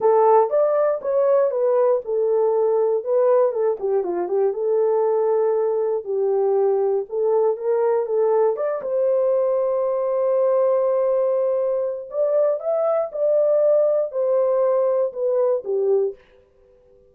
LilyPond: \new Staff \with { instrumentName = "horn" } { \time 4/4 \tempo 4 = 119 a'4 d''4 cis''4 b'4 | a'2 b'4 a'8 g'8 | f'8 g'8 a'2. | g'2 a'4 ais'4 |
a'4 d''8 c''2~ c''8~ | c''1 | d''4 e''4 d''2 | c''2 b'4 g'4 | }